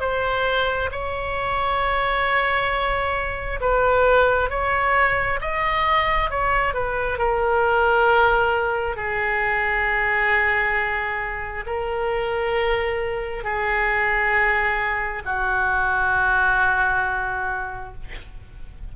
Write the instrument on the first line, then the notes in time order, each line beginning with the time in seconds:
oboe
0.00 C5
0.91 C#5
3.61 B4
4.50 C#5
5.41 D#5
6.31 C#5
6.74 B4
7.18 A#4
8.96 G#4
11.66 A#4
13.44 G#4
15.25 F#4